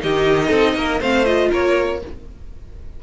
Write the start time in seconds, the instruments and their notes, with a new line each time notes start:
0.00 cello D#3, viola D#4, violin G4 D#5
0.48 cello C4, violin A4
0.75 cello A#3, violin A#4
1.00 cello A3, viola C4, violin C5 F5
1.25 viola F4, violin D#5
1.51 cello A#3, violin A#4 C#5